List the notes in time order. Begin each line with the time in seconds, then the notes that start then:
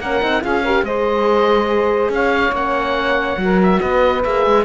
0.00 A#3 C#4 A#4 F#5
0.21 C4 D#4
0.41 C#4 F4 G#4 F5
0.63 G4 A#4
0.83 G#3 G#4 C5 D#5
2.09 C#4 C#5 F5
2.52 A#3 C#4 F#5
3.37 F#3 F#4
3.43 A#4
3.63 E5
3.80 B3 B4 D#5
4.24 A#3 G#4 E5
4.46 G#3